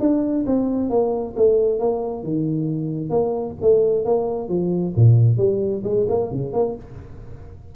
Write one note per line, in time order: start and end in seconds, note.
0.00 0.45 D4
0.47 0.90 C4
0.90 1.35 A#3
1.36 1.80 A3
1.80 2.24 A#3
2.24 3.10 D#3
3.10 3.55 A#3
3.62 4.05 A3
4.05 4.49 A#3
4.49 4.94 F3
4.96 5.38 A#2
5.38 5.83 G3
5.84 6.07 G#3
6.09 6.32 A#3
6.32 6.53 C#3
6.53 6.76 A#3